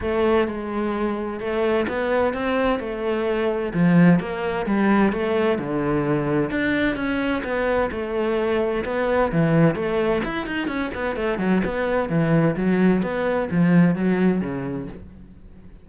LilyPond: \new Staff \with { instrumentName = "cello" } { \time 4/4 \tempo 4 = 129 a4 gis2 a4 | b4 c'4 a2 | f4 ais4 g4 a4 | d2 d'4 cis'4 |
b4 a2 b4 | e4 a4 e'8 dis'8 cis'8 b8 | a8 fis8 b4 e4 fis4 | b4 f4 fis4 cis4 | }